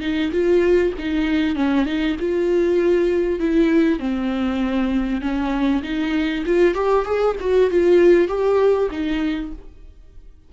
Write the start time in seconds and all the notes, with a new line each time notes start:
0.00 D#4
0.31 F4
0.98 D#4
1.55 C#4
1.85 D#4
2.19 F4
3.39 E4
3.99 C4
5.21 C#4
5.82 D#4
6.45 F4
6.74 G4
7.05 G#4
7.39 F#4
7.70 F4
8.28 G4
8.90 D#4